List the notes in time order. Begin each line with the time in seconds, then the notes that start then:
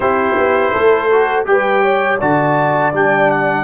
0.00 C4 E4 G4 C5
0.37 B3
0.72 A3 A4
1.10 F#4
1.45 G3 G4 B4 G5
1.82 C#5
2.18 D3 F#4 D5 A5
2.92 G3 D4 G5
3.30 F#5